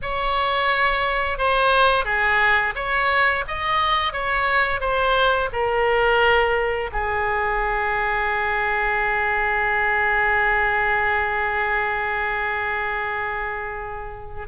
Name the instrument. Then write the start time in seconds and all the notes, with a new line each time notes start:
oboe
0.02 C#5
1.38 C5
2.04 G#4
2.75 C#5
3.47 D#5
4.12 C#5
4.80 C5
5.52 A#4
6.92 G#4